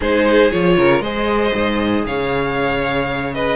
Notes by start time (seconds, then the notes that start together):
0.00 G#3 D#4 G#4 C5
0.51 F3 F4 C#5
0.77 C#3 A#4
0.99 G#3 G#4 C5 D#5
1.54 G#2
2.06 C#3 C#5 F5
3.34 B4 D#5